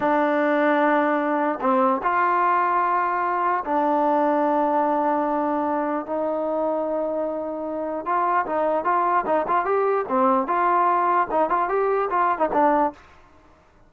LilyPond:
\new Staff \with { instrumentName = "trombone" } { \time 4/4 \tempo 4 = 149 d'1 | c'4 f'2.~ | f'4 d'2.~ | d'2. dis'4~ |
dis'1 | f'4 dis'4 f'4 dis'8 f'8 | g'4 c'4 f'2 | dis'8 f'8 g'4 f'8. dis'16 d'4 | }